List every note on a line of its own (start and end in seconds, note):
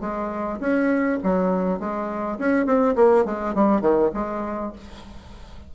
0.00 0.59 G#3
0.60 1.18 C#4
1.23 1.79 F#3
1.79 2.38 G#3
2.39 2.66 C#4
2.66 2.95 C4
2.95 3.25 A#3
3.25 3.54 G#3
3.54 3.81 G3
3.81 4.10 D#3
4.14 4.72 G#3